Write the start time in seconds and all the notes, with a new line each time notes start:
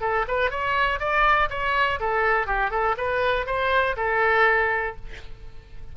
0.00 A4
0.27 B4
0.50 C#5
0.99 D5
1.50 C#5
2.00 A4
2.46 G4
2.70 A4
2.97 B4
3.46 C5
3.96 A4